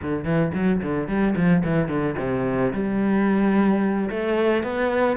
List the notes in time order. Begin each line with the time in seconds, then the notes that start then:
0.01 D3
0.24 E3
0.54 F#3
0.82 D3
1.07 G3
1.35 F3
1.64 E3
1.88 D3
2.18 C3
2.73 G3
4.09 A3
4.63 B3